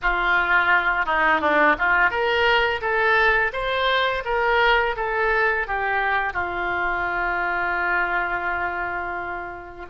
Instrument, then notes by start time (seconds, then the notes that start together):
oboe
0.02 F4
1.05 D#4
1.41 D4
1.78 F4
2.10 A#4
2.81 A4
3.52 C5
4.24 A#4
4.96 A4
5.67 G4
6.33 F4